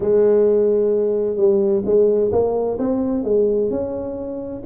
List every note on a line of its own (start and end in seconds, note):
0.00 1.36 G#3
1.36 1.82 G3
1.85 2.31 G#3
2.32 2.78 A#3
2.78 3.23 C4
3.23 3.70 G#3
3.70 4.62 C#4